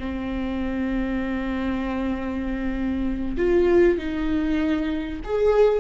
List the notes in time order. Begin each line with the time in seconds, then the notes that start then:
0.00 C4
3.38 F4
3.99 D#4
5.25 G#4